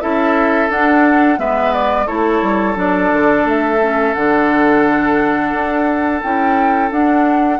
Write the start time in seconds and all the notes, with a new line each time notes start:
0.00 C#4 E4 A4 E5
0.69 D4 F#5
1.37 G#3 B3 B4 E5
1.73 D5
2.06 A3 E4 A4 C#5
2.42 G3
2.75 F#3 D4 D5
3.12 D3
3.44 A3 E5
3.81 C#4
4.14 D3 D4 F#5
5.52 D4
6.22 C#4 E4 G5
6.90 D4 F#5